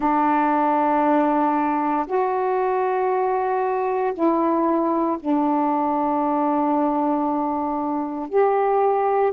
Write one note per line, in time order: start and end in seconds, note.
0.00 2.06 D4
2.06 4.13 F#4
4.14 5.17 E4
5.19 8.29 D4
8.29 9.32 G4